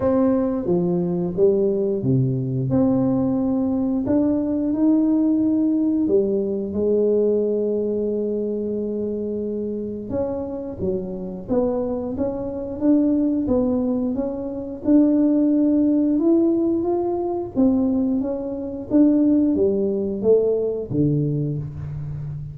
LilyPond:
\new Staff \with { instrumentName = "tuba" } { \time 4/4 \tempo 4 = 89 c'4 f4 g4 c4 | c'2 d'4 dis'4~ | dis'4 g4 gis2~ | gis2. cis'4 |
fis4 b4 cis'4 d'4 | b4 cis'4 d'2 | e'4 f'4 c'4 cis'4 | d'4 g4 a4 d4 | }